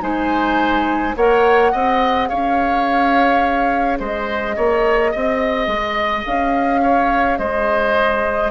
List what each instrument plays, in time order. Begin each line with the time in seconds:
0.00 bassoon G#3, clarinet D#4, oboe C5, flute G#5
1.16 bassoon A#3, clarinet A#4, oboe C#5, flute F#5
1.72 bassoon C4, clarinet G#4, oboe D#5
2.28 bassoon C#4, oboe C#5, flute F5
3.99 bassoon G#3, oboe C5, flute D#5
4.56 bassoon A#3, oboe C#5
5.11 bassoon C4, oboe D#5
5.67 bassoon G#3
6.25 bassoon C#4, flute F5
6.83 oboe C#5
7.38 bassoon G#3, oboe C5, flute D#5